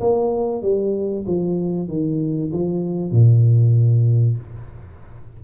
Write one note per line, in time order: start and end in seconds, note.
0.00 0.62 A#3
0.62 1.25 G3
1.26 1.88 F3
1.88 2.51 D#3
2.52 3.11 F3
3.11 4.37 A#2